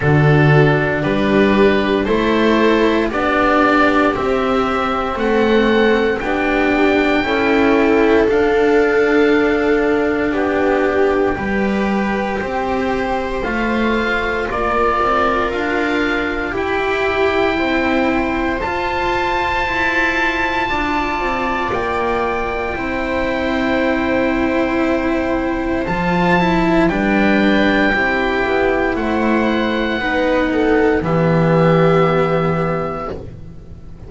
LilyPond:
<<
  \new Staff \with { instrumentName = "oboe" } { \time 4/4 \tempo 4 = 58 a'4 b'4 c''4 d''4 | e''4 fis''4 g''2 | f''2 g''2~ | g''4 f''4 d''4 f''4 |
g''2 a''2~ | a''4 g''2.~ | g''4 a''4 g''2 | fis''2 e''2 | }
  \new Staff \with { instrumentName = "viola" } { \time 4/4 fis'4 g'4 a'4 g'4~ | g'4 a'4 g'4 a'4~ | a'2 g'4 b'4 | c''2 ais'2 |
g'4 c''2. | d''2 c''2~ | c''2 b'4 g'4 | c''4 b'8 a'8 g'2 | }
  \new Staff \with { instrumentName = "cello" } { \time 4/4 d'2 e'4 d'4 | c'2 d'4 e'4 | d'2. g'4~ | g'4 f'2. |
e'2 f'2~ | f'2 e'2~ | e'4 f'8 e'8 d'4 e'4~ | e'4 dis'4 b2 | }
  \new Staff \with { instrumentName = "double bass" } { \time 4/4 d4 g4 a4 b4 | c'4 a4 b4 cis'4 | d'2 b4 g4 | c'4 a4 ais8 c'8 d'4 |
e'4 c'4 f'4 e'4 | d'8 c'8 ais4 c'2~ | c'4 f4 g4 c'8 b8 | a4 b4 e2 | }
>>